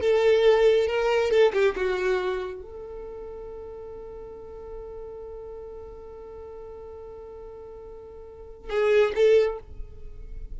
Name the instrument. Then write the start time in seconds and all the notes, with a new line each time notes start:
violin
0.00 A4
0.87 A#4
1.30 A4
1.53 G4
1.75 F#4
2.62 A4
8.69 G#4
9.15 A4